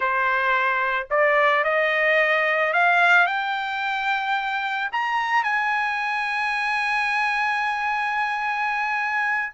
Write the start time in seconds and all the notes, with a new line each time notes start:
0.00 C5
1.10 D5
1.64 D#5
2.73 F5
3.26 G5
4.92 A#5
5.43 G#5